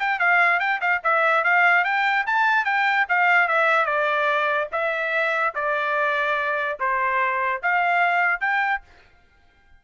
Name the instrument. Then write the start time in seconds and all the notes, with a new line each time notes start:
trumpet
0.00 G5
0.20 F5
0.60 G5
0.81 F5
1.04 E5
1.44 F5
1.85 G5
2.27 A5
2.65 G5
3.09 F5
3.49 E5
3.86 D5
4.72 E5
5.55 D5
6.80 C5
7.63 F5
8.41 G5